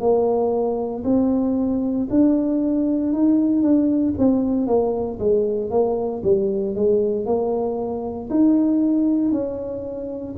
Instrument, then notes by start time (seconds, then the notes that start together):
tuba
0.00 A#3
1.04 C4
2.11 D4
3.13 D#4
3.63 D4
4.18 C4
4.67 A#3
5.20 G#3
5.71 A#3
6.24 G3
6.76 G#3
7.26 A#3
8.30 D#4
9.32 C#4